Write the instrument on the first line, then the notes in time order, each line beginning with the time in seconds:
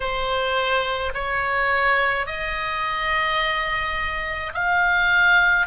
oboe
0.00 C5
1.14 C#5
2.26 D#5
4.53 F5